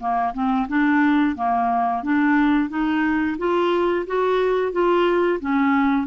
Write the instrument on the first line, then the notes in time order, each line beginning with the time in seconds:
clarinet
0.00 A#3
0.34 C4
0.68 D4
1.36 A#3
2.03 D4
2.70 D#4
3.39 F4
4.07 F#4
4.73 F4
5.41 C#4